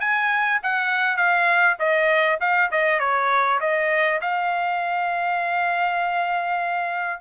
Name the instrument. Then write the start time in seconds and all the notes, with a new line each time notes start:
trumpet
0.00 G#5
0.63 F#5
1.17 F5
1.79 D#5
2.40 F5
2.71 D#5
3.00 C#5
3.60 D#5
4.21 F5